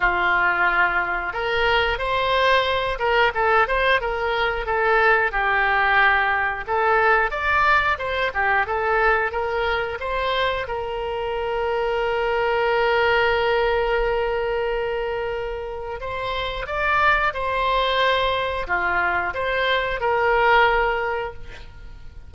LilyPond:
\new Staff \with { instrumentName = "oboe" } { \time 4/4 \tempo 4 = 90 f'2 ais'4 c''4~ | c''8 ais'8 a'8 c''8 ais'4 a'4 | g'2 a'4 d''4 | c''8 g'8 a'4 ais'4 c''4 |
ais'1~ | ais'1 | c''4 d''4 c''2 | f'4 c''4 ais'2 | }